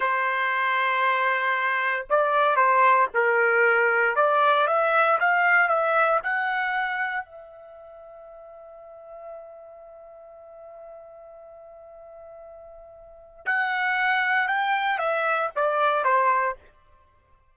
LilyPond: \new Staff \with { instrumentName = "trumpet" } { \time 4/4 \tempo 4 = 116 c''1 | d''4 c''4 ais'2 | d''4 e''4 f''4 e''4 | fis''2 e''2~ |
e''1~ | e''1~ | e''2 fis''2 | g''4 e''4 d''4 c''4 | }